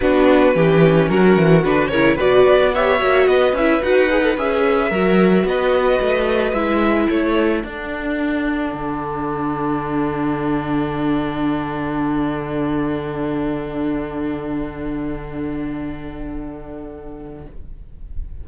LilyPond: <<
  \new Staff \with { instrumentName = "violin" } { \time 4/4 \tempo 4 = 110 b'2 ais'4 b'8 cis''8 | d''4 e''4 dis''8 e''8 fis''4 | e''2 dis''2 | e''4 cis''4 fis''2~ |
fis''1~ | fis''1~ | fis''1~ | fis''1 | }
  \new Staff \with { instrumentName = "violin" } { \time 4/4 fis'4 g'4 fis'4. ais'8 | b'4 cis''4 b'2~ | b'4 ais'4 b'2~ | b'4 a'2.~ |
a'1~ | a'1~ | a'1~ | a'1 | }
  \new Staff \with { instrumentName = "viola" } { \time 4/4 d'4 cis'2 d'8 e'8 | fis'4 g'8 fis'4 e'8 fis'8 gis'16 a'16 | gis'4 fis'2. | e'2 d'2~ |
d'1~ | d'1~ | d'1~ | d'1 | }
  \new Staff \with { instrumentName = "cello" } { \time 4/4 b4 e4 fis8 e8 d8 cis8 | b,8 b4 ais8 b8 cis'8 dis'4 | cis'4 fis4 b4 a4 | gis4 a4 d'2 |
d1~ | d1~ | d1~ | d1 | }
>>